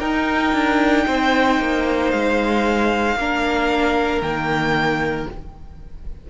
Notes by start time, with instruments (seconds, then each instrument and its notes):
0.00 cello D#4, viola D#4, violin A#4 G5
0.54 cello D4
1.07 cello C4, violin C5
1.60 cello A#3
2.11 cello G#3, violin F5
3.16 cello A#3, viola D4, violin A#4
4.22 cello D#3, viola A#3, violin G5